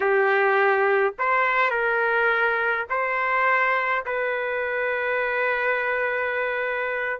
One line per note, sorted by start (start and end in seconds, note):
0.00 1.14 G4
1.18 1.70 C5
1.70 2.86 A#4
2.89 4.04 C5
4.05 7.20 B4